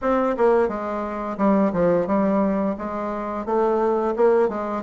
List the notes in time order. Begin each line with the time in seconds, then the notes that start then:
0.01 C4
0.37 A#3
0.68 G#3
1.37 G3
1.72 F3
2.06 G3
2.78 G#3
3.45 A3
4.16 A#3
4.48 G#3